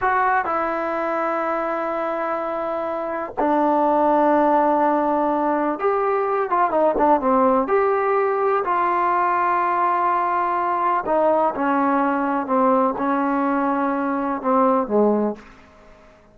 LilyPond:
\new Staff \with { instrumentName = "trombone" } { \time 4/4 \tempo 4 = 125 fis'4 e'2.~ | e'2. d'4~ | d'1 | g'4. f'8 dis'8 d'8 c'4 |
g'2 f'2~ | f'2. dis'4 | cis'2 c'4 cis'4~ | cis'2 c'4 gis4 | }